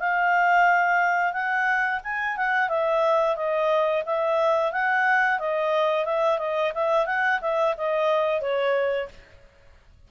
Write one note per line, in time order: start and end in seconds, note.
0.00 1.33 F5
1.33 2.00 F#5
2.04 2.37 G#5
2.37 2.69 F#5
2.69 3.36 E5
3.36 4.04 D#5
4.06 4.73 E5
4.73 5.40 F#5
5.40 6.06 D#5
6.06 6.39 E5
6.39 6.73 D#5
6.75 7.07 E5
7.07 7.40 F#5
7.42 7.75 E5
7.77 8.41 D#5
8.41 9.09 C#5